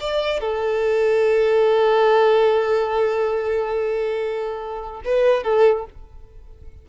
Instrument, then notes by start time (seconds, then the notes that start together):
violin
0.00 D5
0.40 A4
5.04 B4
5.43 A4